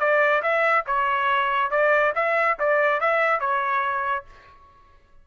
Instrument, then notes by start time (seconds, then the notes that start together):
trumpet
0.00 D5
0.42 E5
0.87 C#5
1.71 D5
2.16 E5
2.60 D5
3.01 E5
3.41 C#5